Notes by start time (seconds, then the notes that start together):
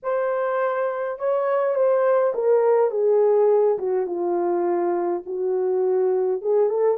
0.02 C5
1.18 C#5
1.75 C5
2.34 A#4
2.90 G#4
3.78 F#4
4.06 F4
5.26 F#4
6.41 G#4
6.69 A4